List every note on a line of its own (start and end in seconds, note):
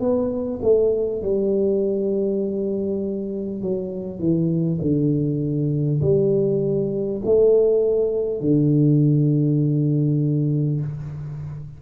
0.00 0.60 B3
0.63 1.22 A3
1.22 3.62 G3
3.62 4.19 F#3
4.19 4.79 E3
4.81 6.01 D3
6.02 7.22 G3
7.25 8.41 A3
8.41 10.81 D3